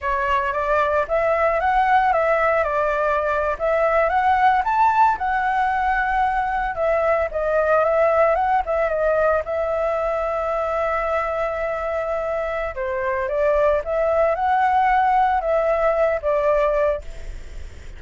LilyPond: \new Staff \with { instrumentName = "flute" } { \time 4/4 \tempo 4 = 113 cis''4 d''4 e''4 fis''4 | e''4 d''4.~ d''16 e''4 fis''16~ | fis''8. a''4 fis''2~ fis''16~ | fis''8. e''4 dis''4 e''4 fis''16~ |
fis''16 e''8 dis''4 e''2~ e''16~ | e''1 | c''4 d''4 e''4 fis''4~ | fis''4 e''4. d''4. | }